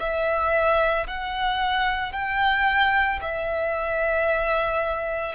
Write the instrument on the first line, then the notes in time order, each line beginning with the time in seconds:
violin
0.00 E5
1.08 F#5
2.13 G5
3.22 E5